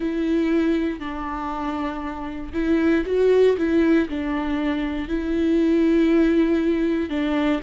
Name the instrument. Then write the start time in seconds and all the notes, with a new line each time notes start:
viola
0.00 E4
0.99 D4
2.53 E4
3.05 F#4
3.57 E4
4.09 D4
5.08 E4
7.09 D4